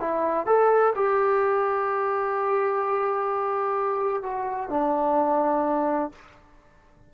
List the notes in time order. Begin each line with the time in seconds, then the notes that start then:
0.00 E4
0.47 A4
0.96 G4
4.23 F#4
4.70 D4